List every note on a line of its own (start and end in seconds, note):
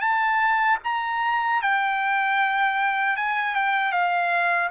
0.00 0.78 A5
0.84 1.62 A#5
1.62 3.16 G5
3.16 3.55 G#5
3.55 3.92 G5
3.92 4.70 F5